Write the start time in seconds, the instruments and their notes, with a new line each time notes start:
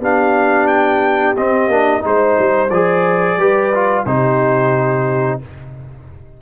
0.00 tuba B3, trombone D4, horn G4, trumpet F5
0.67 trumpet G5
1.37 tuba C4, trombone C4, trumpet D#5
1.68 tuba A#3, trombone D4
2.01 tuba G#3, trombone D#4, trumpet C5, horn C5
2.39 tuba G3
2.70 tuba F3, trombone G#4, trumpet D5
3.37 tuba G3, trombone G4, horn B4
3.75 trombone F4
4.05 tuba C3, trombone D#4, horn G4, trumpet C5